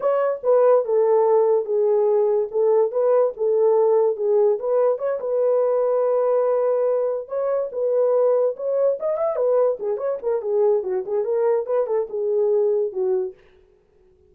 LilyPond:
\new Staff \with { instrumentName = "horn" } { \time 4/4 \tempo 4 = 144 cis''4 b'4 a'2 | gis'2 a'4 b'4 | a'2 gis'4 b'4 | cis''8 b'2.~ b'8~ |
b'4. cis''4 b'4.~ | b'8 cis''4 dis''8 e''8 b'4 gis'8 | cis''8 ais'8 gis'4 fis'8 gis'8 ais'4 | b'8 a'8 gis'2 fis'4 | }